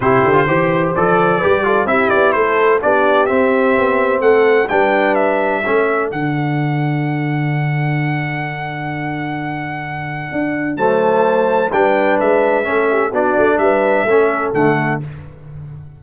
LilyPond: <<
  \new Staff \with { instrumentName = "trumpet" } { \time 4/4 \tempo 4 = 128 c''2 d''2 | e''8 d''8 c''4 d''4 e''4~ | e''4 fis''4 g''4 e''4~ | e''4 fis''2.~ |
fis''1~ | fis''2. a''4~ | a''4 g''4 e''2 | d''4 e''2 fis''4 | }
  \new Staff \with { instrumentName = "horn" } { \time 4/4 g'4 c''2 b'8 a'8 | g'4 a'4 g'2~ | g'4 a'4 b'2 | a'1~ |
a'1~ | a'2. c''4~ | c''4 b'2 a'8 g'8 | fis'4 b'4 a'2 | }
  \new Staff \with { instrumentName = "trombone" } { \time 4/4 e'8. f'16 g'4 a'4 g'8 f'8 | e'2 d'4 c'4~ | c'2 d'2 | cis'4 d'2.~ |
d'1~ | d'2. a4~ | a4 d'2 cis'4 | d'2 cis'4 a4 | }
  \new Staff \with { instrumentName = "tuba" } { \time 4/4 c8 d8 e4 f4 g4 | c'8 b8 a4 b4 c'4 | b4 a4 g2 | a4 d2.~ |
d1~ | d2 d'4 fis4~ | fis4 g4 gis4 a4 | b8 a8 g4 a4 d4 | }
>>